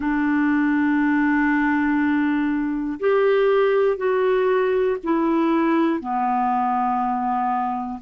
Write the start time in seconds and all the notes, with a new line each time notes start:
0.00 D4
3.00 G4
3.97 F#4
5.03 E4
6.00 B3